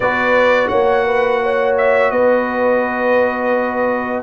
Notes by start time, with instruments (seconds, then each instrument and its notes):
0.00 tuba B3, trombone F#4, horn B4, trumpet D5
0.68 tuba A#3, horn C#5, trumpet F#5
1.06 horn B4
1.42 horn C#5
1.77 trumpet E5
2.10 tuba B3, horn B4, trumpet D#5